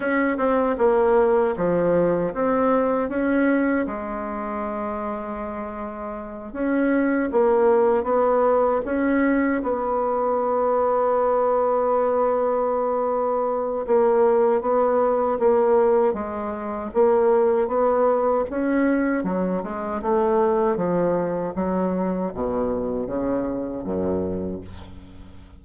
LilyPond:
\new Staff \with { instrumentName = "bassoon" } { \time 4/4 \tempo 4 = 78 cis'8 c'8 ais4 f4 c'4 | cis'4 gis2.~ | gis8 cis'4 ais4 b4 cis'8~ | cis'8 b2.~ b8~ |
b2 ais4 b4 | ais4 gis4 ais4 b4 | cis'4 fis8 gis8 a4 f4 | fis4 b,4 cis4 fis,4 | }